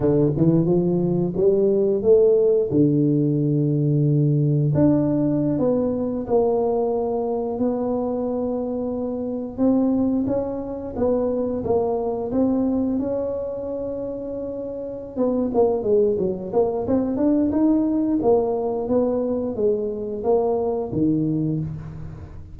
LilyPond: \new Staff \with { instrumentName = "tuba" } { \time 4/4 \tempo 4 = 89 d8 e8 f4 g4 a4 | d2. d'4~ | d'16 b4 ais2 b8.~ | b2~ b16 c'4 cis'8.~ |
cis'16 b4 ais4 c'4 cis'8.~ | cis'2~ cis'8 b8 ais8 gis8 | fis8 ais8 c'8 d'8 dis'4 ais4 | b4 gis4 ais4 dis4 | }